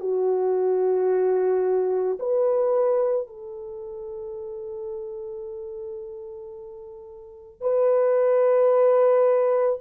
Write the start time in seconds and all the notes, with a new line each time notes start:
0.00 F#4
2.20 B4
3.27 A4
7.61 B4